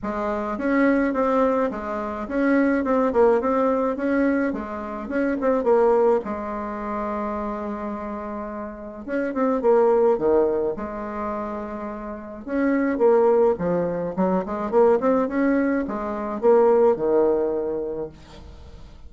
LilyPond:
\new Staff \with { instrumentName = "bassoon" } { \time 4/4 \tempo 4 = 106 gis4 cis'4 c'4 gis4 | cis'4 c'8 ais8 c'4 cis'4 | gis4 cis'8 c'8 ais4 gis4~ | gis1 |
cis'8 c'8 ais4 dis4 gis4~ | gis2 cis'4 ais4 | f4 fis8 gis8 ais8 c'8 cis'4 | gis4 ais4 dis2 | }